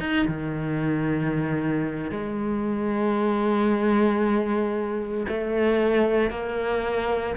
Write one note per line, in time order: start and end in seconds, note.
0.00 0.26 D#4
0.28 2.11 D#3
2.11 5.27 G#3
5.29 6.31 A3
6.31 7.36 A#3